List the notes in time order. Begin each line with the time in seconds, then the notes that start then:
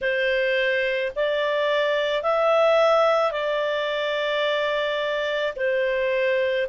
0.01 C5
1.15 D5
2.22 E5
3.31 D5
5.56 C5